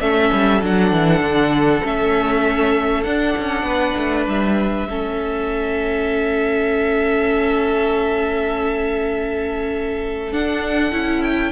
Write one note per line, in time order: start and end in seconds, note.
0.00 0.30 A3
0.00 0.61 C#4
0.00 3.65 A4
0.00 0.61 E5
0.32 0.62 G3
0.62 0.92 F#3
0.62 1.83 D4
0.62 1.86 F#5
0.92 1.20 E3
1.20 1.81 D3
1.84 3.04 A3
1.84 3.05 C#4
1.84 3.04 E5
3.04 3.35 D4
3.04 4.88 D4
3.04 4.25 F#5
3.37 3.63 C#4
3.63 3.93 B3
3.63 4.88 B4
3.96 4.27 A3
4.27 4.86 G3
4.27 10.33 E5
4.86 10.32 A3
4.86 10.32 C#4
4.86 11.52 A4
10.32 10.92 D4
10.32 11.23 F#5
10.92 11.52 C#4
10.92 11.52 E4
11.23 11.52 G5